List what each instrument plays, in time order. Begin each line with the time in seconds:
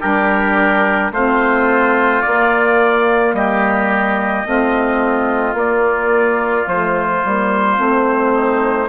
0.00 bassoon G3, saxophone D4, oboe G4, trumpet A#4
1.11 bassoon A3, saxophone C4, oboe F4, trumpet C5
2.22 saxophone A#3, bassoon A#3, trumpet D5
3.33 bassoon G3, oboe G4, trumpet D#5
4.44 bassoon A3, saxophone C4, oboe F4
5.53 bassoon A#3, saxophone A#3, trumpet D5
6.66 bassoon F3, saxophone A3, trumpet C5
7.24 bassoon G3, saxophone A#3
7.75 bassoon A3, saxophone C4
8.33 oboe D#4